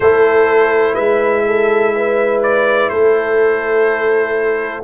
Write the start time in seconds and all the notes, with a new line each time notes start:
0.00 A3 E4 A4 C5
0.93 G#3 B4 E5
1.47 A4
1.95 B4
2.42 D5
2.89 A3 A4 C5